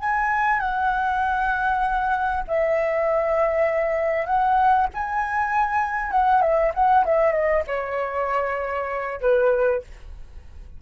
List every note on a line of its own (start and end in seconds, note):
0.00 0.59 G#5
0.59 2.43 F#5
2.47 4.26 E5
4.26 4.87 F#5
4.94 6.11 G#5
6.11 6.41 F#5
6.41 6.72 E5
6.74 7.05 F#5
7.05 7.32 E5
7.32 7.62 D#5
7.67 9.20 C#5
9.20 9.82 B4